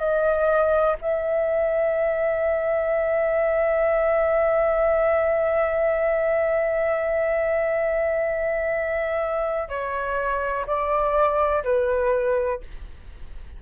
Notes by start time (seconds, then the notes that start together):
0.00 D#5
1.02 E5
9.69 C#5
10.67 D5
11.64 B4